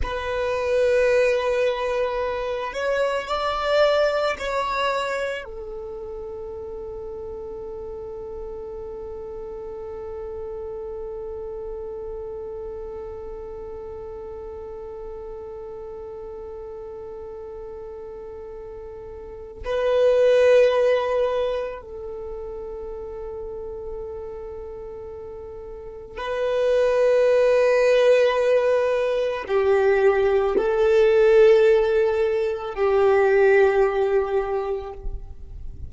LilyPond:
\new Staff \with { instrumentName = "violin" } { \time 4/4 \tempo 4 = 55 b'2~ b'8 cis''8 d''4 | cis''4 a'2.~ | a'1~ | a'1~ |
a'2 b'2 | a'1 | b'2. g'4 | a'2 g'2 | }